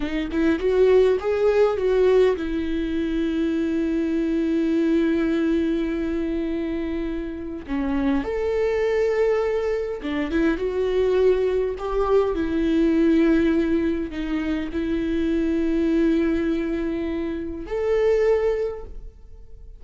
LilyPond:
\new Staff \with { instrumentName = "viola" } { \time 4/4 \tempo 4 = 102 dis'8 e'8 fis'4 gis'4 fis'4 | e'1~ | e'1~ | e'4 cis'4 a'2~ |
a'4 d'8 e'8 fis'2 | g'4 e'2. | dis'4 e'2.~ | e'2 a'2 | }